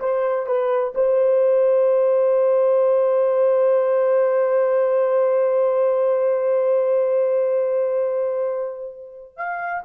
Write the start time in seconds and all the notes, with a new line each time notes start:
0.00 C5
0.46 B4
0.95 C5
9.37 F5